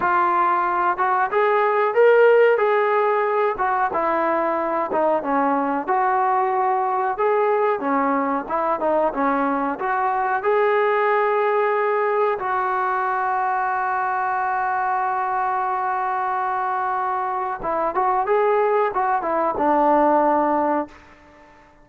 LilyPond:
\new Staff \with { instrumentName = "trombone" } { \time 4/4 \tempo 4 = 92 f'4. fis'8 gis'4 ais'4 | gis'4. fis'8 e'4. dis'8 | cis'4 fis'2 gis'4 | cis'4 e'8 dis'8 cis'4 fis'4 |
gis'2. fis'4~ | fis'1~ | fis'2. e'8 fis'8 | gis'4 fis'8 e'8 d'2 | }